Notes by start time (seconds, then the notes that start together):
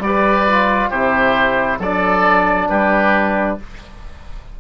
0.00 G3 G4 D5
0.07 B4
0.49 F4
0.90 C3 E4 G4 C5
1.79 F#3 D4 A4 D5
2.69 G3 G4 B4